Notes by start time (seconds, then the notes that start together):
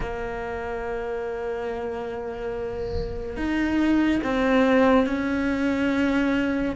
0.00 A#3
3.36 D#4
4.23 C4
5.06 C#4